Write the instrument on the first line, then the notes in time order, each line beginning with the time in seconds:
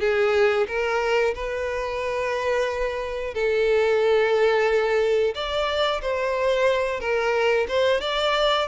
violin
0.00 G#4
0.68 A#4
1.35 B4
3.34 A4
5.35 D5
6.02 C5
7.00 A#4
7.68 C5
8.01 D5